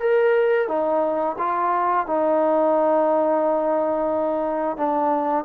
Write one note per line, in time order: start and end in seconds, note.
0.00 0.68 A#4
0.68 1.36 D#4
1.39 2.07 F4
2.07 4.77 D#4
4.77 5.45 D4